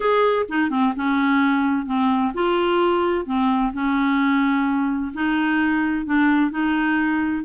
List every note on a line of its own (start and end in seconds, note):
0.00 0.45 G#4
0.48 0.70 D#4
0.70 0.93 C4
0.96 1.86 C#4
1.86 2.32 C4
2.34 3.25 F4
3.25 3.72 C4
3.73 5.12 C#4
5.13 6.05 D#4
6.05 6.51 D4
6.51 7.44 D#4